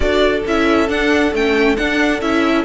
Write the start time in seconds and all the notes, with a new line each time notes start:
0.00 D4 F#4 A4 D5
0.46 C#4 E4 E5
0.88 D4 F#5
1.32 A3 C#4 G5
1.76 D4 F#5
2.21 C#4 E4 E5